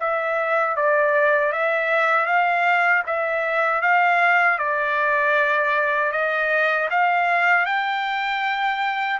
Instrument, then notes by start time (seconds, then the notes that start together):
trumpet
0.00 E5
0.76 D5
1.52 E5
2.26 F5
3.07 E5
3.81 F5
4.58 D5
6.12 D#5
6.90 F5
7.66 G5